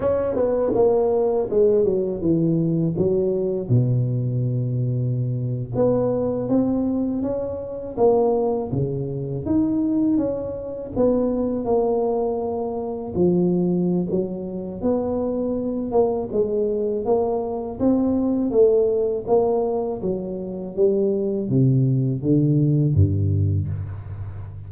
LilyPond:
\new Staff \with { instrumentName = "tuba" } { \time 4/4 \tempo 4 = 81 cis'8 b8 ais4 gis8 fis8 e4 | fis4 b,2~ b,8. b16~ | b8. c'4 cis'4 ais4 cis16~ | cis8. dis'4 cis'4 b4 ais16~ |
ais4.~ ais16 f4~ f16 fis4 | b4. ais8 gis4 ais4 | c'4 a4 ais4 fis4 | g4 c4 d4 g,4 | }